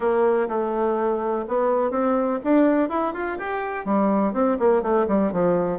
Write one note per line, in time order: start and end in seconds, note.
0.00 0.48 A#3
0.48 1.45 A3
1.48 1.90 B3
1.90 2.39 C4
2.43 2.89 D4
2.89 3.13 E4
3.13 3.38 F4
3.38 3.85 G4
3.85 4.33 G3
4.33 4.57 C4
4.59 4.82 A#3
4.82 5.06 A3
5.08 5.32 G3
5.32 5.79 F3